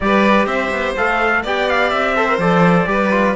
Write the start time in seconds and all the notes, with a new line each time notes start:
0.00 G3 G4 B4 D5
0.46 C4 C5 E5
0.70 B3
0.96 A3 A4 F5
1.42 B3 G4 D5 G5
1.68 F5
1.90 C4 E5
2.16 A4 C5
2.28 A#4
2.38 F3 A4 D5
2.86 G3 G4 B4
3.10 F4